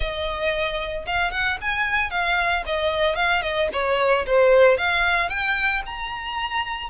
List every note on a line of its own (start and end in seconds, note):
0.00 1.05 D#5
1.06 1.31 F5
1.31 1.58 F#5
1.61 2.10 G#5
2.10 2.63 F5
2.65 3.15 D#5
3.15 3.42 F5
3.42 3.68 D#5
3.72 4.25 C#5
4.26 4.77 C5
4.77 5.29 F5
5.29 5.82 G5
5.86 6.89 A#5